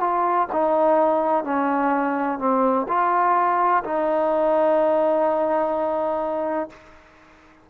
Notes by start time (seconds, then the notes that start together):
0.00 F4
0.52 D#4
1.44 C#4
2.39 C4
2.88 F4
3.84 D#4